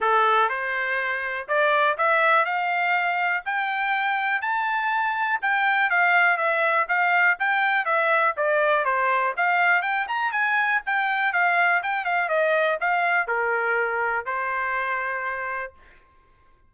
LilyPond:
\new Staff \with { instrumentName = "trumpet" } { \time 4/4 \tempo 4 = 122 a'4 c''2 d''4 | e''4 f''2 g''4~ | g''4 a''2 g''4 | f''4 e''4 f''4 g''4 |
e''4 d''4 c''4 f''4 | g''8 ais''8 gis''4 g''4 f''4 | g''8 f''8 dis''4 f''4 ais'4~ | ais'4 c''2. | }